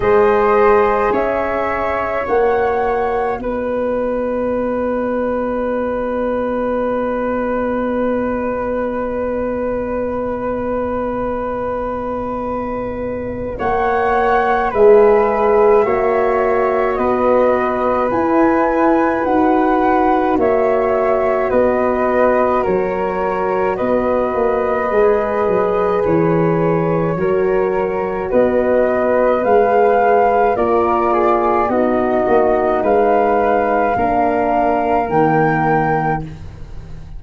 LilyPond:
<<
  \new Staff \with { instrumentName = "flute" } { \time 4/4 \tempo 4 = 53 dis''4 e''4 fis''4 dis''4~ | dis''1~ | dis''1 | fis''4 e''2 dis''4 |
gis''4 fis''4 e''4 dis''4 | cis''4 dis''2 cis''4~ | cis''4 dis''4 f''4 d''4 | dis''4 f''2 g''4 | }
  \new Staff \with { instrumentName = "flute" } { \time 4/4 c''4 cis''2 b'4~ | b'1~ | b'1 | cis''4 b'4 cis''4 b'4~ |
b'2 cis''4 b'4 | ais'4 b'2. | ais'4 b'2 ais'8 gis'8 | fis'4 b'4 ais'2 | }
  \new Staff \with { instrumentName = "horn" } { \time 4/4 gis'2 fis'2~ | fis'1~ | fis'1~ | fis'4 gis'4 fis'2 |
e'4 fis'2.~ | fis'2 gis'2 | fis'2 gis'4 f'4 | dis'2 d'4 ais4 | }
  \new Staff \with { instrumentName = "tuba" } { \time 4/4 gis4 cis'4 ais4 b4~ | b1~ | b1 | ais4 gis4 ais4 b4 |
e'4 dis'4 ais4 b4 | fis4 b8 ais8 gis8 fis8 e4 | fis4 b4 gis4 ais4 | b8 ais8 gis4 ais4 dis4 | }
>>